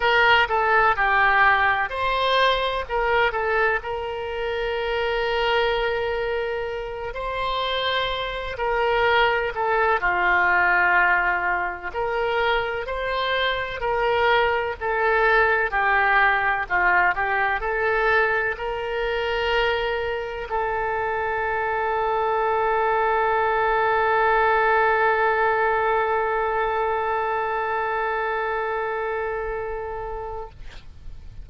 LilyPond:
\new Staff \with { instrumentName = "oboe" } { \time 4/4 \tempo 4 = 63 ais'8 a'8 g'4 c''4 ais'8 a'8 | ais'2.~ ais'8 c''8~ | c''4 ais'4 a'8 f'4.~ | f'8 ais'4 c''4 ais'4 a'8~ |
a'8 g'4 f'8 g'8 a'4 ais'8~ | ais'4. a'2~ a'8~ | a'1~ | a'1 | }